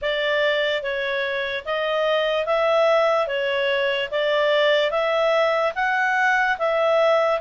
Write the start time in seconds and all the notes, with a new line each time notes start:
0.01 D5
0.82 C#5
1.65 D#5
2.45 E5
3.27 C#5
4.11 D5
4.90 E5
5.75 F#5
6.58 E5